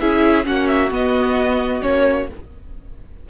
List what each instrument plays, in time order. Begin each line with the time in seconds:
0.00 cello C#4, viola E4, violin G#4 E5
0.44 cello A#3, viola C#4, violin F#4 F#5
0.67 violin E5
0.91 viola B3, cello B3, violin D#5
1.81 cello A#3, viola C#4, violin C#5